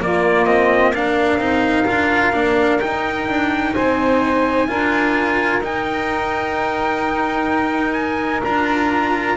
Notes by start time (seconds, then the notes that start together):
0.00 A#3 F4 D5
0.45 C4 D#5
0.93 D4 A#4 F5
1.37 C4 D#4
1.87 D4 F4
2.33 A#3 D4
2.80 D#4 G5
3.28 D4
3.74 C4 C5 G#5
4.68 D4 F4 A#4
5.61 D#4 G5
7.93 G#5
8.43 D4 F4 A#5